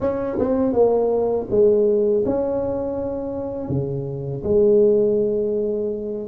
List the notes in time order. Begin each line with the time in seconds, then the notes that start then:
0.00 C#4
0.38 C4
0.72 A#3
1.50 G#3
2.25 C#4
3.68 C#3
4.43 G#3